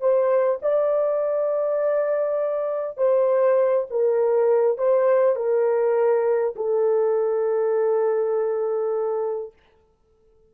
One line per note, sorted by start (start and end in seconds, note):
0.00 0.59 C5
0.62 2.97 D5
2.97 3.86 C5
3.90 4.77 A#4
4.77 5.35 C5
5.35 6.54 A#4
6.56 9.53 A4